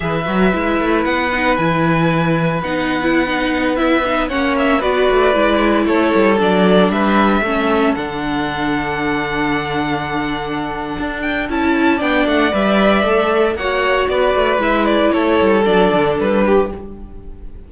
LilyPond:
<<
  \new Staff \with { instrumentName = "violin" } { \time 4/4 \tempo 4 = 115 e''2 fis''4 gis''4~ | gis''4 fis''2~ fis''16 e''8.~ | e''16 fis''8 e''8 d''2 cis''8.~ | cis''16 d''4 e''2 fis''8.~ |
fis''1~ | fis''4. g''8 a''4 g''8 fis''8 | e''2 fis''4 d''4 | e''8 d''8 cis''4 d''4 b'4 | }
  \new Staff \with { instrumentName = "violin" } { \time 4/4 b'1~ | b'1~ | b'16 cis''4 b'2 a'8.~ | a'4~ a'16 b'4 a'4.~ a'16~ |
a'1~ | a'2. d''4~ | d''2 cis''4 b'4~ | b'4 a'2~ a'8 g'8 | }
  \new Staff \with { instrumentName = "viola" } { \time 4/4 gis'8 fis'8 e'4. dis'8 e'4~ | e'4 dis'8. e'8 dis'4 e'8 dis'16~ | dis'16 cis'4 fis'4 e'4.~ e'16~ | e'16 d'2 cis'4 d'8.~ |
d'1~ | d'2 e'4 d'4 | b'4 a'4 fis'2 | e'2 d'2 | }
  \new Staff \with { instrumentName = "cello" } { \time 4/4 e8 fis8 gis8 a8 b4 e4~ | e4 b2.~ | b16 ais4 b8 a8 gis4 a8 g16~ | g16 fis4 g4 a4 d8.~ |
d1~ | d4 d'4 cis'4 b8 a8 | g4 a4 ais4 b8 a8 | gis4 a8 g8 fis8 d8 g4 | }
>>